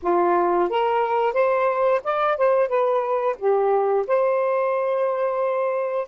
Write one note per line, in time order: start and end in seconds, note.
0.02 0.69 F4
0.69 1.33 A#4
1.33 2.00 C5
2.04 2.37 D5
2.37 2.68 C5
2.68 3.36 B4
3.38 4.05 G4
4.07 6.07 C5